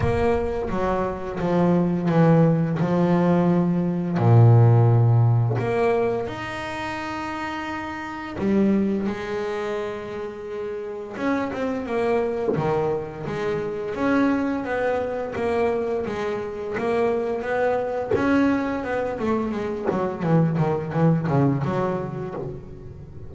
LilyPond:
\new Staff \with { instrumentName = "double bass" } { \time 4/4 \tempo 4 = 86 ais4 fis4 f4 e4 | f2 ais,2 | ais4 dis'2. | g4 gis2. |
cis'8 c'8 ais4 dis4 gis4 | cis'4 b4 ais4 gis4 | ais4 b4 cis'4 b8 a8 | gis8 fis8 e8 dis8 e8 cis8 fis4 | }